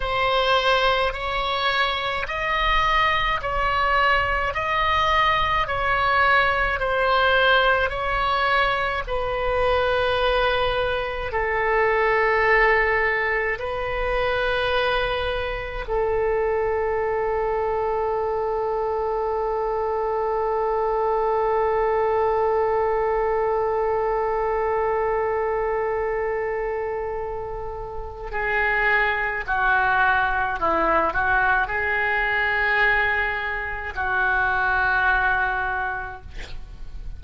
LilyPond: \new Staff \with { instrumentName = "oboe" } { \time 4/4 \tempo 4 = 53 c''4 cis''4 dis''4 cis''4 | dis''4 cis''4 c''4 cis''4 | b'2 a'2 | b'2 a'2~ |
a'1~ | a'1~ | a'4 gis'4 fis'4 e'8 fis'8 | gis'2 fis'2 | }